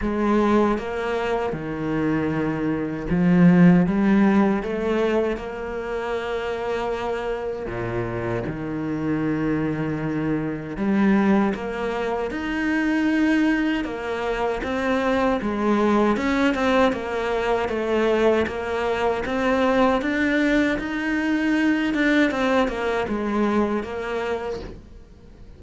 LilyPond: \new Staff \with { instrumentName = "cello" } { \time 4/4 \tempo 4 = 78 gis4 ais4 dis2 | f4 g4 a4 ais4~ | ais2 ais,4 dis4~ | dis2 g4 ais4 |
dis'2 ais4 c'4 | gis4 cis'8 c'8 ais4 a4 | ais4 c'4 d'4 dis'4~ | dis'8 d'8 c'8 ais8 gis4 ais4 | }